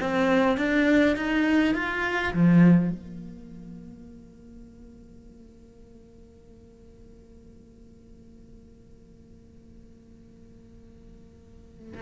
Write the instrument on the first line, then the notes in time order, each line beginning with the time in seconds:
cello
0.00 C4
0.57 D4
1.16 D#4
1.74 F4
2.33 F3
2.91 A#3